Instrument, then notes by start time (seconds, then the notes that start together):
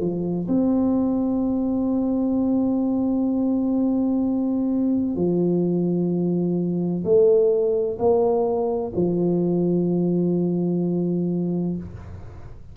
tuba
0.00 F3
0.47 C4
5.16 F3
7.04 A3
7.98 A#3
8.95 F3